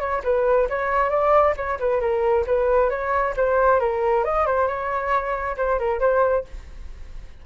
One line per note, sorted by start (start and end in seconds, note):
0.00 0.22 C#5
0.24 0.68 B4
0.69 1.10 C#5
1.10 1.54 D5
1.57 1.79 C#5
1.80 2.01 B4
2.01 2.45 A#4
2.47 2.90 B4
2.90 3.34 C#5
3.37 3.80 C5
3.80 4.24 A#4
4.24 4.46 D#5
4.46 4.67 C5
4.67 5.56 C#5
5.57 5.79 C5
5.79 6.00 A#4
6.00 6.44 C5